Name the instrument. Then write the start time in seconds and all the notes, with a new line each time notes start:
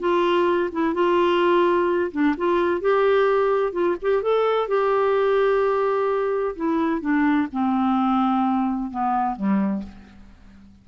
clarinet
0.00 F4
0.72 E4
0.94 F4
2.12 D4
2.37 F4
2.81 G4
3.73 F4
4.02 G4
4.23 A4
4.68 G4
6.56 E4
7.01 D4
7.52 C4
8.91 B3
9.36 G3